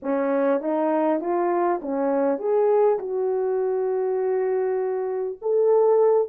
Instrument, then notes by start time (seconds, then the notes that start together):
horn
0.02 C#4
0.60 D#4
1.20 F4
1.81 C#4
2.38 G#4
2.98 F#4
5.41 A4